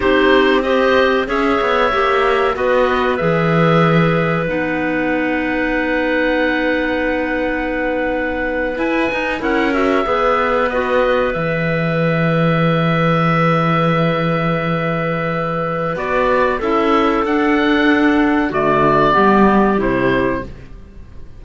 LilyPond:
<<
  \new Staff \with { instrumentName = "oboe" } { \time 4/4 \tempo 4 = 94 c''4 dis''4 e''2 | dis''4 e''2 fis''4~ | fis''1~ | fis''4.~ fis''16 gis''4 fis''8 e''8.~ |
e''8. dis''4 e''2~ e''16~ | e''1~ | e''4 d''4 e''4 fis''4~ | fis''4 d''2 c''4 | }
  \new Staff \with { instrumentName = "clarinet" } { \time 4/4 g'4 c''4 cis''2 | b'1~ | b'1~ | b'2~ b'8. ais'4 b'16~ |
b'1~ | b'1~ | b'2 a'2~ | a'4 fis'4 g'2 | }
  \new Staff \with { instrumentName = "clarinet" } { \time 4/4 dis'4 g'4 gis'4 g'4 | fis'4 gis'2 dis'4~ | dis'1~ | dis'4.~ dis'16 e'8 dis'8 e'8 fis'8 gis'16~ |
gis'8. fis'4 gis'2~ gis'16~ | gis'1~ | gis'4 fis'4 e'4 d'4~ | d'4 a4 b4 e'4 | }
  \new Staff \with { instrumentName = "cello" } { \time 4/4 c'2 cis'8 b8 ais4 | b4 e2 b4~ | b1~ | b4.~ b16 e'8 dis'8 cis'4 b16~ |
b4.~ b16 e2~ e16~ | e1~ | e4 b4 cis'4 d'4~ | d'4 d4 g4 c4 | }
>>